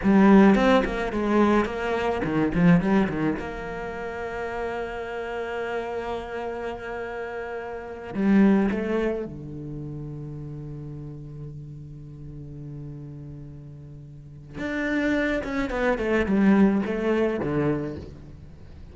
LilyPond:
\new Staff \with { instrumentName = "cello" } { \time 4/4 \tempo 4 = 107 g4 c'8 ais8 gis4 ais4 | dis8 f8 g8 dis8 ais2~ | ais1~ | ais2~ ais8 g4 a8~ |
a8 d2.~ d8~ | d1~ | d2 d'4. cis'8 | b8 a8 g4 a4 d4 | }